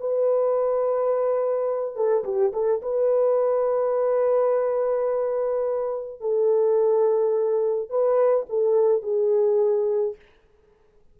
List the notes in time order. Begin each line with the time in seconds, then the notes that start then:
0.00 B4
1.96 A4
2.24 G4
2.53 A4
2.82 B4
6.21 A4
7.90 B4
8.49 A4
9.02 G#4